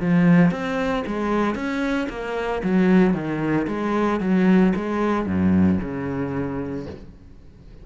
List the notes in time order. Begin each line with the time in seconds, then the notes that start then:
0.00 F3
0.51 C4
1.06 G#3
1.55 C#4
2.10 A#3
2.63 F#3
3.14 D#3
3.67 G#3
4.20 F#3
4.76 G#3
5.26 F#2
5.81 C#3